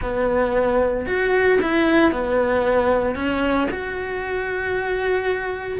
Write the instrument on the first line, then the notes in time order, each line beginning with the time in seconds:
cello
0.02 B3
1.06 F#4
1.61 E4
2.11 B3
3.15 C#4
3.70 F#4